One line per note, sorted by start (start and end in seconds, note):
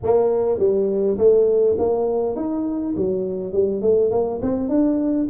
0.03 0.58 A#3
0.58 1.17 G3
1.17 1.76 A3
1.78 2.36 A#3
2.36 2.95 D#4
2.96 3.52 F#3
3.52 3.81 G3
3.81 4.10 A3
4.10 4.40 A#3
4.41 4.68 C4
4.68 5.27 D4